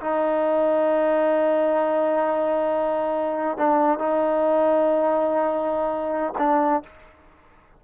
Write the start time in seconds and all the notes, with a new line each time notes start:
0.00 D#4
3.57 D4
3.98 D#4
6.37 D4